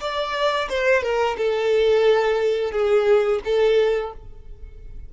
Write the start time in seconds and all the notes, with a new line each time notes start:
0.00 D5
0.69 C5
1.03 A#4
1.37 A4
2.71 G#4
3.45 A4